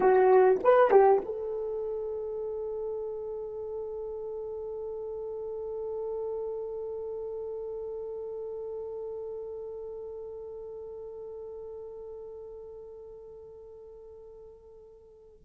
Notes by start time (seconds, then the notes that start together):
0.00 F#4
0.63 B4
0.90 G4
1.25 A4